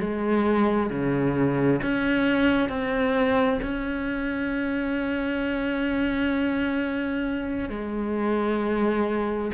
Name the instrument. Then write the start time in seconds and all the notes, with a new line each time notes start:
cello
0.00 G#3
0.90 C#3
1.82 C#4
2.69 C4
3.62 C#4
7.69 G#3